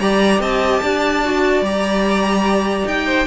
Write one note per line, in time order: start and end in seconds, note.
0.00 0.40 G3
0.00 1.24 G4
0.00 0.41 D5
0.00 0.41 A#5
0.40 0.80 C4
0.40 0.82 D#5
0.40 1.65 A5
0.83 1.62 D4
0.83 3.06 D5
1.25 1.64 F#4
1.62 2.84 G3
1.62 3.27 G4
1.62 2.88 A#5
2.86 3.27 D#4
2.86 3.27 G5
3.06 3.26 C5